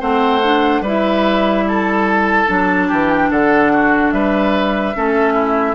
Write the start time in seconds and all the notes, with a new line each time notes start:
0.00 A3 C4 C5 F#5
0.43 D4
0.81 G3 E4 B4 E5
1.68 A4 A5
2.47 F#3 D4
2.88 E3 G4
3.09 G5
3.30 D3 A4 F#5
3.73 F#4
4.11 G3 B4 E5
4.94 A3 C#4 A4
5.33 E4